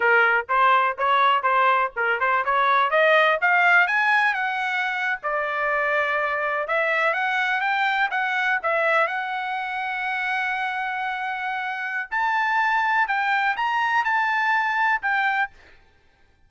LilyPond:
\new Staff \with { instrumentName = "trumpet" } { \time 4/4 \tempo 4 = 124 ais'4 c''4 cis''4 c''4 | ais'8 c''8 cis''4 dis''4 f''4 | gis''4 fis''4.~ fis''16 d''4~ d''16~ | d''4.~ d''16 e''4 fis''4 g''16~ |
g''8. fis''4 e''4 fis''4~ fis''16~ | fis''1~ | fis''4 a''2 g''4 | ais''4 a''2 g''4 | }